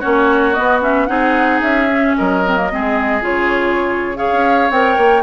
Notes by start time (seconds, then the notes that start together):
0.00 A#3 C#4 F#4 C#5
0.54 B3 D#5
0.81 C#4 E5
1.06 C4 D#4 G#4 F#5
1.61 C#4 E5
1.91 C#4
2.16 F#3 A#4 D#5
2.45 C4
2.56 A#3
2.71 G#3 C4 G#4
3.21 C#3 F4 C#5
4.16 G#4 C#5 F5
4.32 C#4
4.70 C4 A#4 G5
4.97 A#3